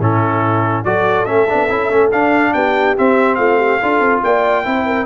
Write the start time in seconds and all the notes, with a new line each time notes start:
0.00 A2 C#4 E4 A4
0.84 F#3 F#4 A4 D5
1.26 A3 C#4 E5
1.49 B3 D4
1.70 C#4 E4
1.90 A3 C#4
2.12 D4 F5
2.54 B3 G4 G5
2.97 C4 E5
3.35 A3 F4 F5
3.58 G4
3.81 D4 F4 A4
4.00 C4
4.24 A#3 D5 G5
4.64 C4 E4 C5
4.86 A#4